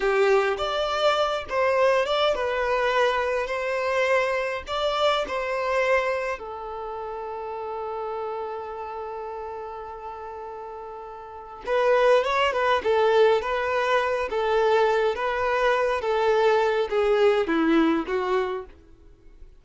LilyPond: \new Staff \with { instrumentName = "violin" } { \time 4/4 \tempo 4 = 103 g'4 d''4. c''4 d''8 | b'2 c''2 | d''4 c''2 a'4~ | a'1~ |
a'1 | b'4 cis''8 b'8 a'4 b'4~ | b'8 a'4. b'4. a'8~ | a'4 gis'4 e'4 fis'4 | }